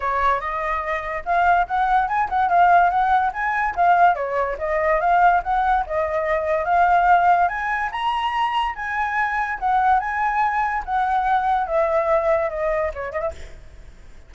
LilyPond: \new Staff \with { instrumentName = "flute" } { \time 4/4 \tempo 4 = 144 cis''4 dis''2 f''4 | fis''4 gis''8 fis''8 f''4 fis''4 | gis''4 f''4 cis''4 dis''4 | f''4 fis''4 dis''2 |
f''2 gis''4 ais''4~ | ais''4 gis''2 fis''4 | gis''2 fis''2 | e''2 dis''4 cis''8 dis''16 e''16 | }